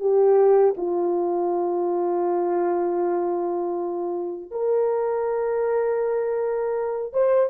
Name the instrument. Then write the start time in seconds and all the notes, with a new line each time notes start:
horn
0.00 G4
0.77 F4
4.51 A#4
7.13 C5